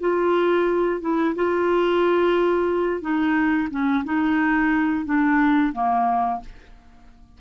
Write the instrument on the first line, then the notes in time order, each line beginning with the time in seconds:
clarinet
0.00 F4
1.01 E4
1.35 F4
3.01 D#4
3.70 C#4
4.04 D#4
5.05 D4
5.73 A#3